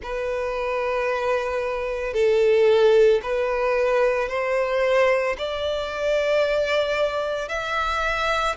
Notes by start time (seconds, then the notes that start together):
0.02 B4
2.13 A4
3.22 B4
4.29 C5
5.38 D5
7.48 E5